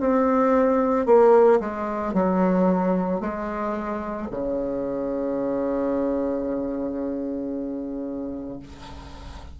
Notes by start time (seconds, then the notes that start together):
0.00 C4
1.06 A#3
1.60 G#3
2.14 F#3
3.20 G#3
4.31 C#3